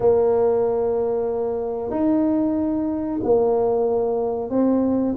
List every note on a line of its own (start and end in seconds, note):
0.00 1.90 A#3
1.90 3.19 D#4
3.23 4.50 A#3
4.50 5.14 C4